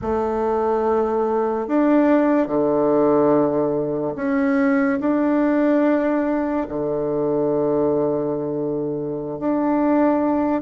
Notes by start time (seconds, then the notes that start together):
0.01 A3
1.67 D4
2.47 D3
4.15 C#4
5.00 D4
6.68 D3
9.39 D4